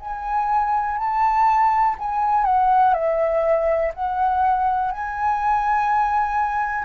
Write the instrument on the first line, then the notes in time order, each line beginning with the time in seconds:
flute
0.00 G#5
0.97 A5
1.99 G#5
2.45 F#5
2.94 E5
3.95 F#5
4.92 G#5